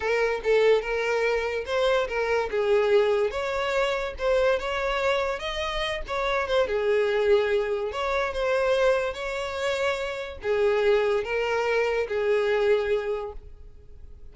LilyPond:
\new Staff \with { instrumentName = "violin" } { \time 4/4 \tempo 4 = 144 ais'4 a'4 ais'2 | c''4 ais'4 gis'2 | cis''2 c''4 cis''4~ | cis''4 dis''4. cis''4 c''8 |
gis'2. cis''4 | c''2 cis''2~ | cis''4 gis'2 ais'4~ | ais'4 gis'2. | }